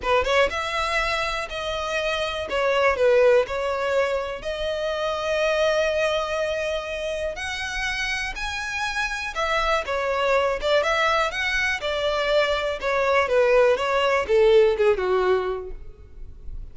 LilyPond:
\new Staff \with { instrumentName = "violin" } { \time 4/4 \tempo 4 = 122 b'8 cis''8 e''2 dis''4~ | dis''4 cis''4 b'4 cis''4~ | cis''4 dis''2.~ | dis''2. fis''4~ |
fis''4 gis''2 e''4 | cis''4. d''8 e''4 fis''4 | d''2 cis''4 b'4 | cis''4 a'4 gis'8 fis'4. | }